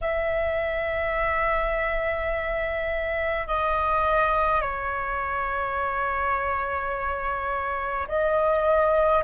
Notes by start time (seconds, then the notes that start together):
0.01 E5
3.47 D#5
4.61 C#5
8.08 D#5